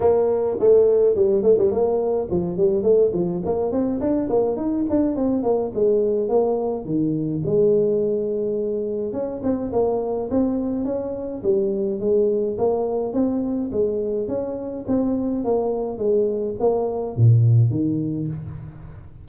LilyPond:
\new Staff \with { instrumentName = "tuba" } { \time 4/4 \tempo 4 = 105 ais4 a4 g8 a16 g16 ais4 | f8 g8 a8 f8 ais8 c'8 d'8 ais8 | dis'8 d'8 c'8 ais8 gis4 ais4 | dis4 gis2. |
cis'8 c'8 ais4 c'4 cis'4 | g4 gis4 ais4 c'4 | gis4 cis'4 c'4 ais4 | gis4 ais4 ais,4 dis4 | }